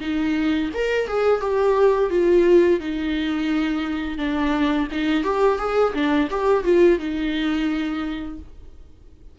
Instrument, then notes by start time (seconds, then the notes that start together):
viola
0.00 D#4
0.74 A#4
1.08 G#4
1.41 G4
2.10 F4
2.80 D#4
4.18 D4
4.91 D#4
5.23 G4
5.58 G#4
5.94 D4
6.30 G4
6.64 F4
6.99 D#4